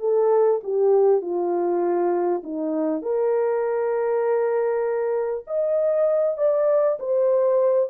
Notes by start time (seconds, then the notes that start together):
0.00 A4
0.64 G4
1.21 F4
2.44 D#4
3.02 A#4
5.47 D#5
6.38 D5
6.99 C5